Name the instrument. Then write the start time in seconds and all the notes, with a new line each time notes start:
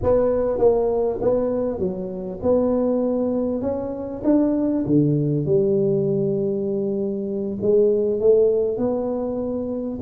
tuba
0.02 B3
0.58 A#3
1.21 B3
1.79 F#3
2.42 B3
3.61 C#4
4.24 D4
4.86 D3
5.45 G3
7.61 G#3
8.20 A3
8.77 B3